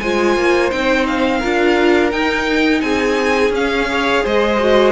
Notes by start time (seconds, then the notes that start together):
0.00 G#3 F4 C5 G#5
0.36 A#3
0.71 C4 D#4 G5
1.07 F5
1.39 D4 F4 A#4
2.11 D#4 G5
2.81 C4 G#4 G#5
3.51 C#4 F5
3.88 G#4 C#5
4.24 G#3 C5 D#5
4.60 F#4